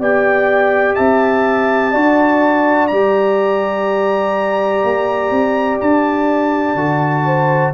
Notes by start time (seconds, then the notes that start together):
0.00 B3 G4 D5 G5
0.95 C4 E5 A5
1.92 D4 F#4 D5
2.88 G3 G4 A#5
4.84 A#3
5.31 C4
5.81 D4 A5
6.75 D3 F#4
7.26 C5